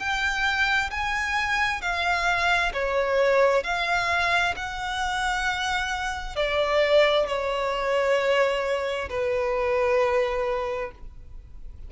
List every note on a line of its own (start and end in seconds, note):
0.00 0.91 G5
0.91 1.82 G#5
1.82 2.73 F5
2.74 3.64 C#5
3.64 4.55 F5
4.57 6.36 F#5
6.36 7.27 D5
7.27 9.09 C#5
9.10 10.92 B4